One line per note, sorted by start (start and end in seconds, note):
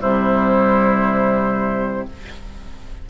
0.00 2.09 C3
0.00 2.07 G3
0.00 2.08 E4
0.00 2.09 C5